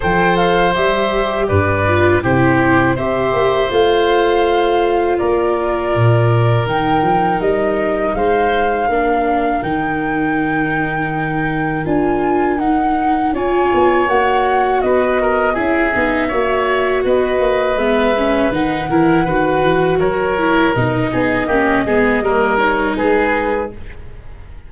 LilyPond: <<
  \new Staff \with { instrumentName = "flute" } { \time 4/4 \tempo 4 = 81 g''8 f''8 e''4 d''4 c''4 | e''4 f''2 d''4~ | d''4 g''4 dis''4 f''4~ | f''4 g''2. |
gis''4 fis''4 gis''4 fis''4 | dis''4 e''2 dis''4 | e''4 fis''2 cis''4 | dis''2~ dis''8 cis''8 b'4 | }
  \new Staff \with { instrumentName = "oboe" } { \time 4/4 c''2 b'4 g'4 | c''2. ais'4~ | ais'2. c''4 | ais'1~ |
ais'2 cis''2 | b'8 ais'8 gis'4 cis''4 b'4~ | b'4. ais'8 b'4 ais'4~ | ais'8 gis'8 g'8 gis'8 ais'4 gis'4 | }
  \new Staff \with { instrumentName = "viola" } { \time 4/4 a'4 g'4. f'8 e'4 | g'4 f'2.~ | f'4 dis'2. | d'4 dis'2. |
f'4 dis'4 f'4 fis'4~ | fis'4 e'8 dis'8 fis'2 | b8 cis'8 dis'8 e'8 fis'4. e'8 | dis'4 cis'8 b8 ais8 dis'4. | }
  \new Staff \with { instrumentName = "tuba" } { \time 4/4 f4 g4 g,4 c4 | c'8 ais8 a2 ais4 | ais,4 dis8 f8 g4 gis4 | ais4 dis2. |
d'4 dis'4 cis'8 b8 ais4 | b4 cis'8 b8 ais4 b8 ais8 | gis4 dis8 e8 dis8 e8 fis4 | b,8 b8 ais8 gis8 g4 gis4 | }
>>